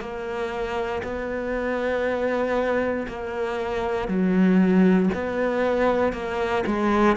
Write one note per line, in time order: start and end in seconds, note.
0.00 1.02 A#3
1.03 3.06 B3
3.07 4.08 A#3
4.08 5.09 F#3
5.14 6.12 B3
6.12 6.63 A#3
6.66 7.16 G#3